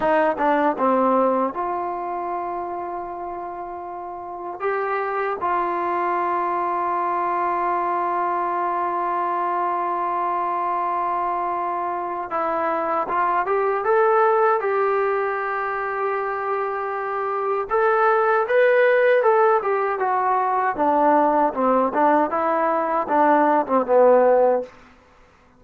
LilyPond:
\new Staff \with { instrumentName = "trombone" } { \time 4/4 \tempo 4 = 78 dis'8 d'8 c'4 f'2~ | f'2 g'4 f'4~ | f'1~ | f'1 |
e'4 f'8 g'8 a'4 g'4~ | g'2. a'4 | b'4 a'8 g'8 fis'4 d'4 | c'8 d'8 e'4 d'8. c'16 b4 | }